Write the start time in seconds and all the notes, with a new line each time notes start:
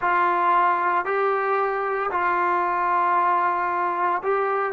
0.01 F4
1.05 G4
2.11 F4
4.22 G4